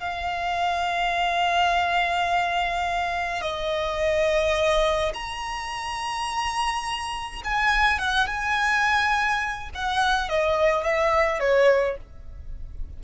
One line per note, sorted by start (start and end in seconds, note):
0.00 3.41 F5
3.41 5.13 D#5
5.14 7.42 A#5
7.44 7.98 G#5
7.98 8.27 F#5
8.27 9.70 G#5
9.75 10.29 F#5
10.29 10.84 D#5
10.84 11.40 E5
11.40 11.97 C#5